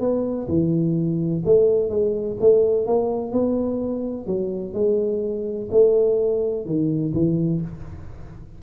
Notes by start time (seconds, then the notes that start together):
0.00 B3
0.48 E3
1.45 A3
1.90 G#3
2.40 A3
2.86 A#3
3.32 B3
4.27 F#3
4.74 G#3
5.71 A3
6.66 D#3
7.14 E3